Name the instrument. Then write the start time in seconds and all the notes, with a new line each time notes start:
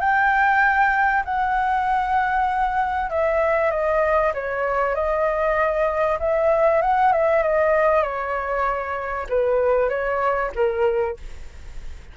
flute
0.00 G5
1.25 F#5
3.10 E5
3.71 D#5
4.34 C#5
4.95 D#5
6.19 E5
6.82 F#5
7.12 E5
7.43 D#5
8.03 C#5
9.29 B4
9.89 C#5
10.55 A#4